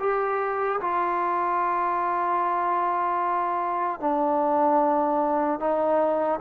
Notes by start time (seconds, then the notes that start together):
0.00 G4
0.81 F4
4.00 D4
5.60 D#4